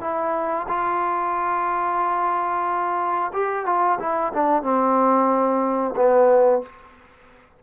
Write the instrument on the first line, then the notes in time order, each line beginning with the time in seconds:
trombone
0.00 E4
0.67 F4
3.32 G4
3.65 F4
3.99 E4
4.33 D4
4.62 C4
5.96 B3